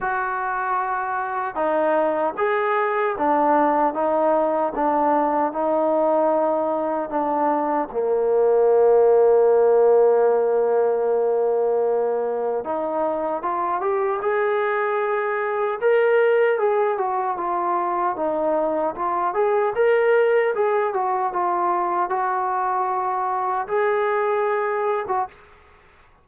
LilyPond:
\new Staff \with { instrumentName = "trombone" } { \time 4/4 \tempo 4 = 76 fis'2 dis'4 gis'4 | d'4 dis'4 d'4 dis'4~ | dis'4 d'4 ais2~ | ais1 |
dis'4 f'8 g'8 gis'2 | ais'4 gis'8 fis'8 f'4 dis'4 | f'8 gis'8 ais'4 gis'8 fis'8 f'4 | fis'2 gis'4.~ gis'16 fis'16 | }